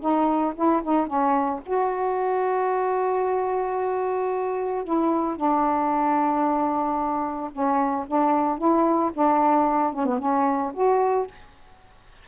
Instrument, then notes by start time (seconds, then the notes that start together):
saxophone
0.00 D#4
0.55 E4
0.82 D#4
1.06 C#4
1.65 F#4
4.84 E4
5.36 D4
7.52 C#4
8.07 D4
8.58 E4
9.13 D4
9.93 C#4
10.05 B3
10.19 C#4
10.73 F#4